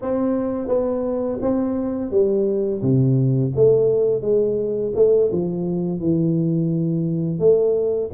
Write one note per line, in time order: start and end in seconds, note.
0.01 0.68 C4
0.68 1.38 B3
1.41 2.10 C4
2.10 2.81 G3
2.81 3.52 C3
3.55 4.21 A3
4.21 4.92 G#3
4.95 5.30 A3
5.32 5.99 F3
5.99 7.39 E3
7.39 8.10 A3